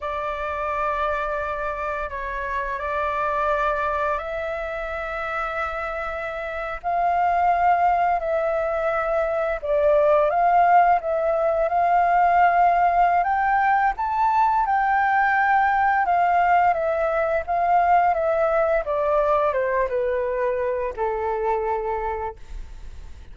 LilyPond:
\new Staff \with { instrumentName = "flute" } { \time 4/4 \tempo 4 = 86 d''2. cis''4 | d''2 e''2~ | e''4.~ e''16 f''2 e''16~ | e''4.~ e''16 d''4 f''4 e''16~ |
e''8. f''2~ f''16 g''4 | a''4 g''2 f''4 | e''4 f''4 e''4 d''4 | c''8 b'4. a'2 | }